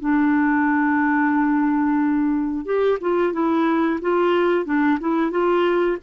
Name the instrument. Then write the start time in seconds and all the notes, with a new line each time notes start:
clarinet
0.00 D4
2.65 G4
3.01 F4
3.33 E4
4.02 F4
4.65 D4
5.00 E4
5.31 F4